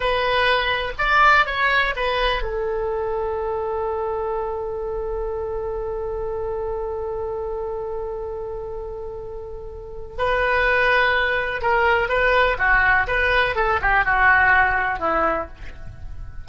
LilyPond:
\new Staff \with { instrumentName = "oboe" } { \time 4/4 \tempo 4 = 124 b'2 d''4 cis''4 | b'4 a'2.~ | a'1~ | a'1~ |
a'1~ | a'4 b'2. | ais'4 b'4 fis'4 b'4 | a'8 g'8 fis'2 e'4 | }